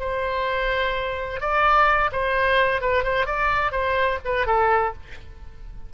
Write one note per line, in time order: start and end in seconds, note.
0.00 1.40 C5
1.40 2.11 D5
2.12 2.81 C5
2.81 3.04 B4
3.04 3.26 C5
3.26 3.72 D5
3.72 4.19 C5
4.25 4.47 B4
4.47 4.93 A4